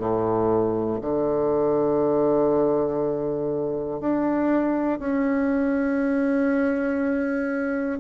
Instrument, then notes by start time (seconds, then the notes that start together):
bassoon
0.00 A2
1.01 D3
4.01 D4
5.00 C#4